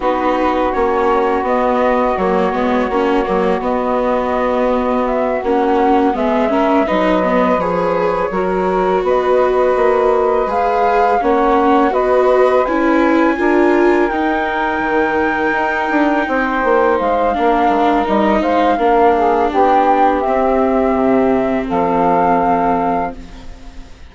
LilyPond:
<<
  \new Staff \with { instrumentName = "flute" } { \time 4/4 \tempo 4 = 83 b'4 cis''4 dis''4 cis''4~ | cis''4 dis''2 e''8 fis''8~ | fis''8 e''4 dis''4 cis''4.~ | cis''8 dis''2 f''4 fis''8~ |
fis''8 dis''4 gis''2 g''8~ | g''2.~ g''8 f''8~ | f''4 dis''8 f''4. g''4 | e''2 f''2 | }
  \new Staff \with { instrumentName = "saxophone" } { \time 4/4 fis'1~ | fis'1~ | fis'8 gis'8 ais'8 b'2 ais'8~ | ais'8 b'2. cis''8~ |
cis''8 b'2 ais'4.~ | ais'2~ ais'8 c''4. | ais'4. c''8 ais'8 gis'8 g'4~ | g'2 a'2 | }
  \new Staff \with { instrumentName = "viola" } { \time 4/4 dis'4 cis'4 b4 ais8 b8 | cis'8 ais8 b2~ b8 cis'8~ | cis'8 b8 cis'8 dis'8 b8 gis'4 fis'8~ | fis'2~ fis'8 gis'4 cis'8~ |
cis'8 fis'4 e'4 f'4 dis'8~ | dis'1 | d'4 dis'4 d'2 | c'1 | }
  \new Staff \with { instrumentName = "bassoon" } { \time 4/4 b4 ais4 b4 fis8 gis8 | ais8 fis8 b2~ b8 ais8~ | ais8 gis4 fis4 f4 fis8~ | fis8 b4 ais4 gis4 ais8~ |
ais8 b4 cis'4 d'4 dis'8~ | dis'8 dis4 dis'8 d'8 c'8 ais8 gis8 | ais8 gis8 g8 gis8 ais4 b4 | c'4 c4 f2 | }
>>